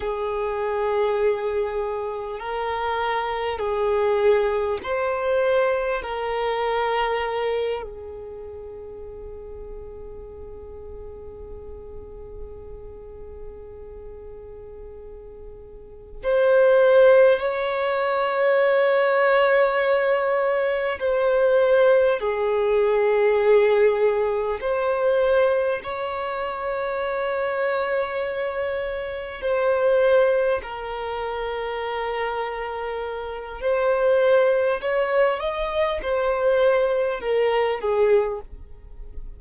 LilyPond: \new Staff \with { instrumentName = "violin" } { \time 4/4 \tempo 4 = 50 gis'2 ais'4 gis'4 | c''4 ais'4. gis'4.~ | gis'1~ | gis'4. c''4 cis''4.~ |
cis''4. c''4 gis'4.~ | gis'8 c''4 cis''2~ cis''8~ | cis''8 c''4 ais'2~ ais'8 | c''4 cis''8 dis''8 c''4 ais'8 gis'8 | }